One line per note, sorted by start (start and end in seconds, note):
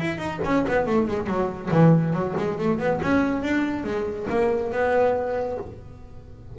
0.00 0.18 E4
0.18 0.40 D#4
0.45 0.66 C#4
0.68 0.87 B3
0.87 1.08 A3
1.08 1.27 G#3
1.27 1.70 F#3
1.71 2.13 E3
2.13 2.35 F#3
2.37 2.59 G#3
2.59 2.79 A3
2.79 3.00 B3
3.02 3.43 C#4
3.43 3.84 D4
3.84 4.27 G#3
4.30 4.72 A#3
4.72 5.58 B3